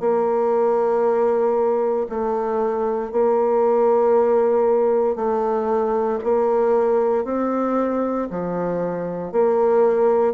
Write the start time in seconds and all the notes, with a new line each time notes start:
0.00 A#3
2.09 A3
3.11 A#3
5.15 A3
6.24 A#3
7.25 C4
8.30 F3
9.32 A#3